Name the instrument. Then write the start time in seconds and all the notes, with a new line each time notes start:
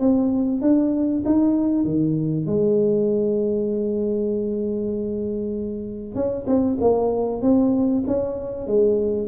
tuba
0.00 C4
0.62 D4
1.26 D#4
1.85 D#3
2.46 G#3
6.15 C#4
6.47 C4
6.81 A#3
7.42 C4
8.07 C#4
8.67 G#3